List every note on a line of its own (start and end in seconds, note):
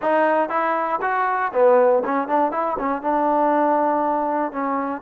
0.02 0.49 D#4
0.49 0.99 E4
1.01 1.51 F#4
1.52 2.03 B3
2.04 2.27 C#4
2.27 2.51 D4
2.51 2.76 E4
2.78 3.02 C#4
3.02 4.52 D4
4.52 5.01 C#4